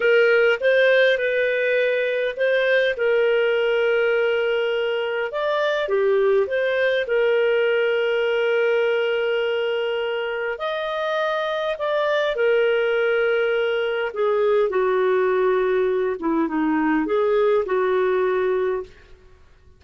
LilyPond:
\new Staff \with { instrumentName = "clarinet" } { \time 4/4 \tempo 4 = 102 ais'4 c''4 b'2 | c''4 ais'2.~ | ais'4 d''4 g'4 c''4 | ais'1~ |
ais'2 dis''2 | d''4 ais'2. | gis'4 fis'2~ fis'8 e'8 | dis'4 gis'4 fis'2 | }